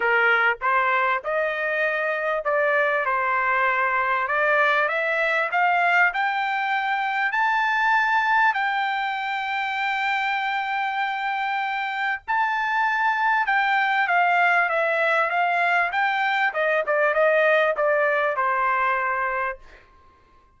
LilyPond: \new Staff \with { instrumentName = "trumpet" } { \time 4/4 \tempo 4 = 98 ais'4 c''4 dis''2 | d''4 c''2 d''4 | e''4 f''4 g''2 | a''2 g''2~ |
g''1 | a''2 g''4 f''4 | e''4 f''4 g''4 dis''8 d''8 | dis''4 d''4 c''2 | }